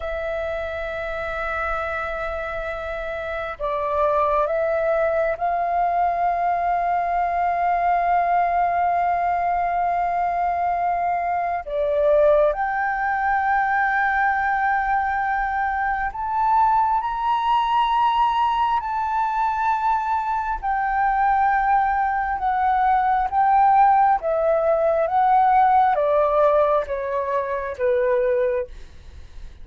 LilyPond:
\new Staff \with { instrumentName = "flute" } { \time 4/4 \tempo 4 = 67 e''1 | d''4 e''4 f''2~ | f''1~ | f''4 d''4 g''2~ |
g''2 a''4 ais''4~ | ais''4 a''2 g''4~ | g''4 fis''4 g''4 e''4 | fis''4 d''4 cis''4 b'4 | }